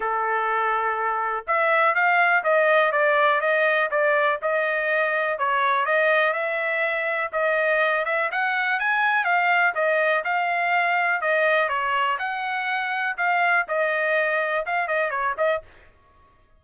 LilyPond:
\new Staff \with { instrumentName = "trumpet" } { \time 4/4 \tempo 4 = 123 a'2. e''4 | f''4 dis''4 d''4 dis''4 | d''4 dis''2 cis''4 | dis''4 e''2 dis''4~ |
dis''8 e''8 fis''4 gis''4 f''4 | dis''4 f''2 dis''4 | cis''4 fis''2 f''4 | dis''2 f''8 dis''8 cis''8 dis''8 | }